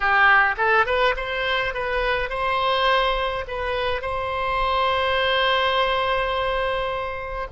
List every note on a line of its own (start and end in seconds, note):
0.00 0.55 G4
0.57 0.85 A4
0.85 1.14 B4
1.16 1.74 C5
1.74 2.29 B4
2.29 3.45 C5
3.47 4.01 B4
4.01 7.47 C5